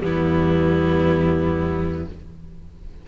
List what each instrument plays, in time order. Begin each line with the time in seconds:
0.00 cello E2, viola G3, violin B3 E4